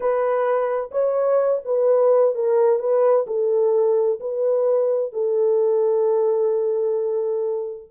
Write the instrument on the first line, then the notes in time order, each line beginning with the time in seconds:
horn
0.00 B4
0.91 C#5
1.64 B4
2.34 A#4
2.79 B4
3.26 A4
4.20 B4
5.12 A4